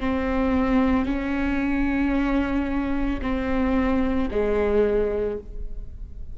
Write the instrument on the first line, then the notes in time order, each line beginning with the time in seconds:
viola
0.00 C4
1.06 C#4
3.21 C4
4.31 G#3